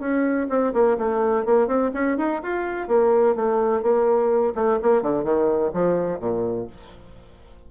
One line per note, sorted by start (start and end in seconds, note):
0.00 0.48 C#4
0.50 0.73 C4
0.74 0.98 A#3
0.98 1.45 A3
1.45 1.68 A#3
1.68 1.91 C4
1.94 2.18 C#4
2.18 2.42 D#4
2.43 2.88 F4
2.88 3.35 A#3
3.36 3.83 A3
3.83 4.54 A#3
4.55 4.79 A3
4.82 5.03 A#3
5.03 5.24 D3
5.24 5.72 D#3
5.74 6.20 F3
6.20 6.67 A#2